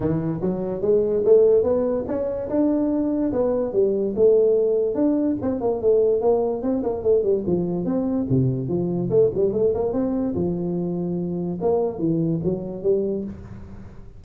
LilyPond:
\new Staff \with { instrumentName = "tuba" } { \time 4/4 \tempo 4 = 145 e4 fis4 gis4 a4 | b4 cis'4 d'2 | b4 g4 a2 | d'4 c'8 ais8 a4 ais4 |
c'8 ais8 a8 g8 f4 c'4 | c4 f4 a8 g8 a8 ais8 | c'4 f2. | ais4 e4 fis4 g4 | }